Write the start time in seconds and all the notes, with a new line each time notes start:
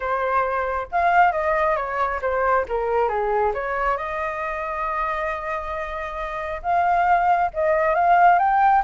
0.00 C5
0.91 F5
1.32 D#5
1.76 C#5
2.21 C5
2.68 A#4
3.08 G#4
3.54 C#5
3.97 D#5
6.62 F5
7.53 D#5
7.94 F5
8.38 G5